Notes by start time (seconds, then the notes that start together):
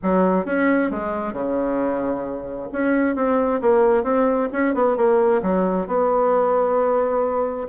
0.02 F#3
0.45 C#4
0.90 G#3
1.33 C#3
2.72 C#4
3.15 C4
3.61 A#3
4.03 C4
4.52 C#4
4.74 B3
4.96 A#3
5.42 F#3
5.87 B3